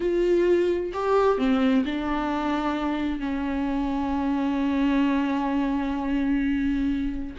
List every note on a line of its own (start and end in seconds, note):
0.00 0.92 F4
0.93 1.38 G4
1.38 1.84 C4
1.85 3.19 D4
3.19 7.35 C#4